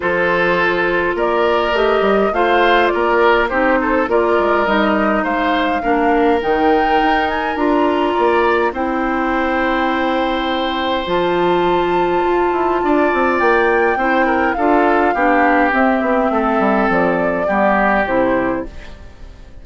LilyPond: <<
  \new Staff \with { instrumentName = "flute" } { \time 4/4 \tempo 4 = 103 c''2 d''4 dis''4 | f''4 d''4 c''4 d''4 | dis''4 f''2 g''4~ | g''8 gis''8 ais''2 g''4~ |
g''2. a''4~ | a''2. g''4~ | g''4 f''2 e''4~ | e''4 d''2 c''4 | }
  \new Staff \with { instrumentName = "oboe" } { \time 4/4 a'2 ais'2 | c''4 ais'4 g'8 a'8 ais'4~ | ais'4 c''4 ais'2~ | ais'2 d''4 c''4~ |
c''1~ | c''2 d''2 | c''8 ais'8 a'4 g'2 | a'2 g'2 | }
  \new Staff \with { instrumentName = "clarinet" } { \time 4/4 f'2. g'4 | f'2 dis'4 f'4 | dis'2 d'4 dis'4~ | dis'4 f'2 e'4~ |
e'2. f'4~ | f'1 | e'4 f'4 d'4 c'4~ | c'2 b4 e'4 | }
  \new Staff \with { instrumentName = "bassoon" } { \time 4/4 f2 ais4 a8 g8 | a4 ais4 c'4 ais8 gis8 | g4 gis4 ais4 dis4 | dis'4 d'4 ais4 c'4~ |
c'2. f4~ | f4 f'8 e'8 d'8 c'8 ais4 | c'4 d'4 b4 c'8 b8 | a8 g8 f4 g4 c4 | }
>>